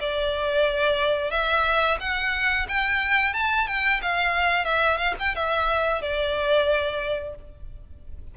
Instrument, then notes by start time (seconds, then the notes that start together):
violin
0.00 D5
1.31 E5
2.00 F#5
2.69 G5
3.34 A5
3.68 G5
4.02 F5
4.65 E5
4.98 F5
5.19 G5
5.35 E5
6.02 D5